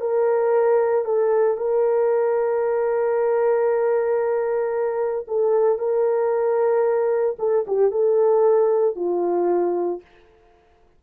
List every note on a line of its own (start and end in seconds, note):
0.00 1.05 A#4
1.05 1.57 A4
1.57 5.25 A#4
5.27 5.78 A4
5.78 7.36 A#4
7.39 7.65 A4
7.67 7.91 G4
7.91 8.95 A4
8.95 10.00 F4